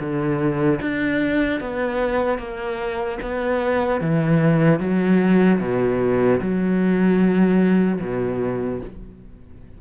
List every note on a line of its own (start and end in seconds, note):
0.00 0.80 D3
0.81 1.60 D4
1.60 2.38 B3
2.38 3.18 A#3
3.22 4.01 B3
4.01 4.80 E3
4.80 5.60 F#3
5.60 6.40 B2
6.40 8.00 F#3
8.01 8.81 B2